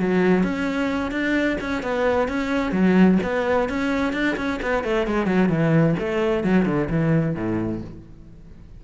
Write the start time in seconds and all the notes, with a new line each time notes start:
0.00 F#3
0.44 C#4
1.11 D4
1.61 C#4
1.83 B3
2.28 C#4
2.72 F#3
3.23 B3
3.69 C#4
4.13 D4
4.37 C#4
4.62 B3
4.84 A3
5.07 G#3
5.26 F#3
5.49 E3
5.99 A3
6.44 F#3
6.66 D3
6.90 E3
7.35 A2